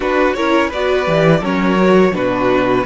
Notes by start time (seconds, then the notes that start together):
0.00 D4 F#4 B4
0.34 C#4 E4 A#4 C#5
0.68 B3 F#4 B4 D5
1.05 E3 G4
1.40 F#3 C#4 A#4 C#5
1.76 F#4
2.13 B2 D4 F#4 B4